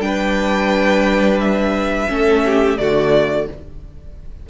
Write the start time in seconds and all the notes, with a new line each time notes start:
0.00 G3 D4 B4 G5
1.40 E5
2.08 A3 C#4 A4
2.46 G4
2.78 D3 A3 F#4 D5